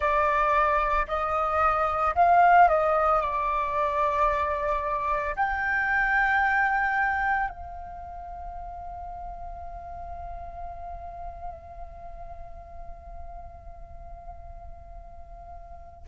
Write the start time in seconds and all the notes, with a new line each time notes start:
0.00 D5
1.07 D#5
2.15 F5
2.68 D#5
3.21 D5
5.36 G5
7.49 F5